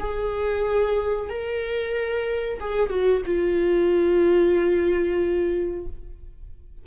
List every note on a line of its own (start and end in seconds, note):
0.00 1.30 G#4
1.30 2.60 A#4
2.61 2.90 G#4
2.90 3.23 F#4
3.26 5.87 F4